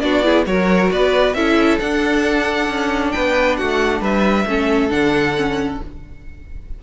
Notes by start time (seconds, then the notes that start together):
0.00 B3 D4 F#4 D5
0.23 E4 G#4
0.46 F#3 F#4 A#4 C#5
0.91 B3 B4 D5
1.34 C#4 E4 A4 E5
1.80 D4 F#5
2.69 C#4
3.11 B3 B4 G5
3.57 A3 F#4 F#5
4.01 G3 B4 E5
4.46 A3 C#4 A4
4.90 D3 D4 F#5
5.36 C#4